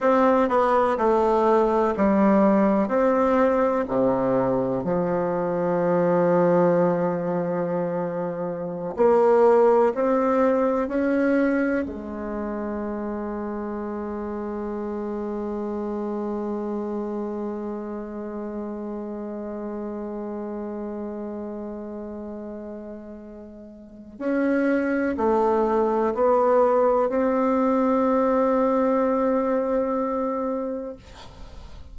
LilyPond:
\new Staff \with { instrumentName = "bassoon" } { \time 4/4 \tempo 4 = 62 c'8 b8 a4 g4 c'4 | c4 f2.~ | f4~ f16 ais4 c'4 cis'8.~ | cis'16 gis2.~ gis8.~ |
gis1~ | gis1~ | gis4 cis'4 a4 b4 | c'1 | }